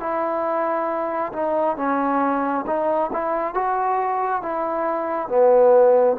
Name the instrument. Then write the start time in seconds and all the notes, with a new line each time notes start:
trombone
0.00 E4
1.33 D#4
1.77 C#4
2.67 D#4
3.13 E4
3.54 F#4
4.42 E4
5.28 B3